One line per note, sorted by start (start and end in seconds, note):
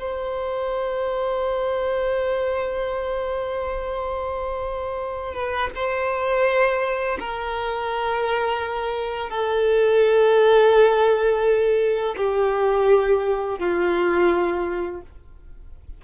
0.00 5.34 C5
5.34 5.70 B4
5.76 7.18 C5
7.20 9.30 A#4
9.30 12.15 A4
12.17 13.59 G4
13.59 15.02 F4